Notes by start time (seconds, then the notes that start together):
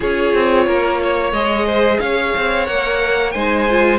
0.00 C#4 F4 G#4 C#5
0.34 C4
0.66 A#3 A#4
1.02 C#5
1.32 G#3 G#4 D#5
1.66 C5
1.99 C#4 C#5 F5
2.37 C4
2.65 A#3 A#4 F#5
3.31 G#3 D#4 C5 G#5
3.69 F4